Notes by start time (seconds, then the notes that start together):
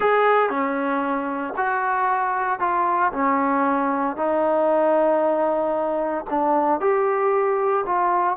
0.00 G#4
0.49 C#4
1.56 F#4
2.59 F4
3.12 C#4
4.16 D#4
6.30 D4
6.80 G4
7.86 F4